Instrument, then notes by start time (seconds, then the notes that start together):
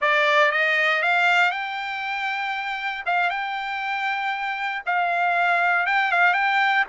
trumpet
0.01 D5
0.51 D#5
1.02 F5
1.51 G5
3.06 F5
3.30 G5
4.86 F5
5.86 G5
6.11 F5
6.33 G5